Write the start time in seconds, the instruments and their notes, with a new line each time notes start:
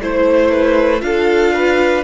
0.00 cello A3, viola E4, violin C5
0.51 violin B4
1.00 cello D4, viola F4, violin A4 F5
1.54 violin B4